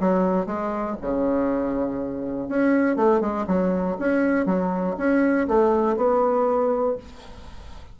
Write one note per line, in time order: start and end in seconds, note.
0.00 0.47 F#3
0.47 0.97 G#3
1.02 2.49 C#3
2.49 2.96 C#4
2.96 3.21 A3
3.21 3.46 G#3
3.47 3.97 F#3
3.99 4.46 C#4
4.46 4.96 F#3
4.98 5.48 C#4
5.48 5.97 A3
5.97 6.97 B3